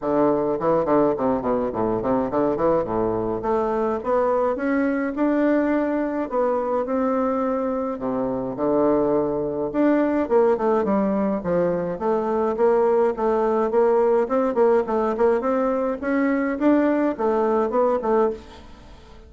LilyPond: \new Staff \with { instrumentName = "bassoon" } { \time 4/4 \tempo 4 = 105 d4 e8 d8 c8 b,8 a,8 c8 | d8 e8 a,4 a4 b4 | cis'4 d'2 b4 | c'2 c4 d4~ |
d4 d'4 ais8 a8 g4 | f4 a4 ais4 a4 | ais4 c'8 ais8 a8 ais8 c'4 | cis'4 d'4 a4 b8 a8 | }